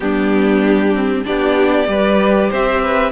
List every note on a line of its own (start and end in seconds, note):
0.00 1.26 G3
0.00 0.93 B3
0.00 1.25 D4
0.00 1.24 G4
0.94 1.24 C4
1.24 1.87 B3
1.24 1.87 D4
1.24 1.89 G4
1.24 2.51 D5
1.87 2.50 G3
1.87 3.11 G4
1.87 2.50 B4
2.50 3.11 C4
2.50 2.81 C5
2.50 3.11 E5
2.82 3.11 B4